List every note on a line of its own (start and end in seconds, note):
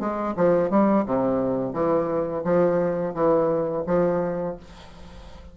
0.00 0.35 G#3
0.37 0.70 F3
0.70 1.05 G3
1.06 1.74 C3
1.74 2.44 E3
2.45 3.14 F3
3.15 3.84 E3
3.87 4.57 F3